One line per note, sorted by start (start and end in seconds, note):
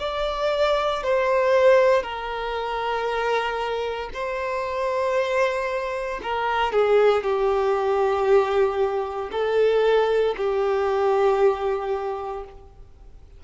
0.00 1.03 D5
1.03 2.03 C5
2.03 4.10 A#4
4.14 6.21 C5
6.23 6.72 A#4
6.72 7.24 G#4
7.24 9.31 G4
9.32 10.35 A4
10.37 12.44 G4